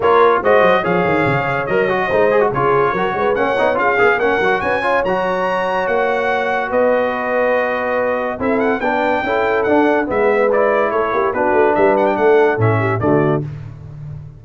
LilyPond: <<
  \new Staff \with { instrumentName = "trumpet" } { \time 4/4 \tempo 4 = 143 cis''4 dis''4 f''2 | dis''2 cis''2 | fis''4 f''4 fis''4 gis''4 | ais''2 fis''2 |
dis''1 | e''8 fis''8 g''2 fis''4 | e''4 d''4 cis''4 b'4 | e''8 fis''16 g''16 fis''4 e''4 d''4 | }
  \new Staff \with { instrumentName = "horn" } { \time 4/4 ais'4 c''4 cis''2~ | cis''4 c''4 gis'4 ais'8 b'8 | cis''4 gis'4 ais'4 b'8 cis''8~ | cis''1 |
b'1 | a'4 b'4 a'2 | b'2 a'8 g'8 fis'4 | b'4 a'4. g'8 fis'4 | }
  \new Staff \with { instrumentName = "trombone" } { \time 4/4 f'4 fis'4 gis'2 | ais'8 fis'8 dis'8 gis'16 fis'16 f'4 fis'4 | cis'8 dis'8 f'8 gis'8 cis'8 fis'4 f'8 | fis'1~ |
fis'1 | e'4 d'4 e'4 d'4 | b4 e'2 d'4~ | d'2 cis'4 a4 | }
  \new Staff \with { instrumentName = "tuba" } { \time 4/4 ais4 gis8 fis8 f8 dis8 cis4 | fis4 gis4 cis4 fis8 gis8 | ais8 b8 cis'8 b8 ais8 fis8 cis'4 | fis2 ais2 |
b1 | c'4 b4 cis'4 d'4 | gis2 a8 ais8 b8 a8 | g4 a4 a,4 d4 | }
>>